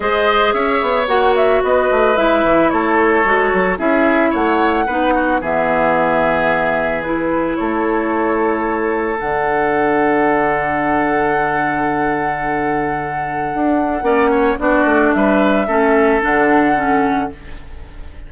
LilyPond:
<<
  \new Staff \with { instrumentName = "flute" } { \time 4/4 \tempo 4 = 111 dis''4 e''4 fis''8 e''8 dis''4 | e''4 cis''2 e''4 | fis''2 e''2~ | e''4 b'4 cis''2~ |
cis''4 fis''2.~ | fis''1~ | fis''2. d''4 | e''2 fis''2 | }
  \new Staff \with { instrumentName = "oboe" } { \time 4/4 c''4 cis''2 b'4~ | b'4 a'2 gis'4 | cis''4 b'8 fis'8 gis'2~ | gis'2 a'2~ |
a'1~ | a'1~ | a'2 d''8 cis''8 fis'4 | b'4 a'2. | }
  \new Staff \with { instrumentName = "clarinet" } { \time 4/4 gis'2 fis'2 | e'2 fis'4 e'4~ | e'4 dis'4 b2~ | b4 e'2.~ |
e'4 d'2.~ | d'1~ | d'2 cis'4 d'4~ | d'4 cis'4 d'4 cis'4 | }
  \new Staff \with { instrumentName = "bassoon" } { \time 4/4 gis4 cis'8 b8 ais4 b8 a8 | gis8 e8 a4 gis8 fis8 cis'4 | a4 b4 e2~ | e2 a2~ |
a4 d2.~ | d1~ | d4 d'4 ais4 b8 a8 | g4 a4 d2 | }
>>